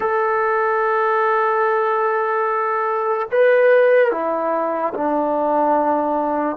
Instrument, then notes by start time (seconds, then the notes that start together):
trombone
0.00 A4
3.31 B4
4.11 E4
4.94 D4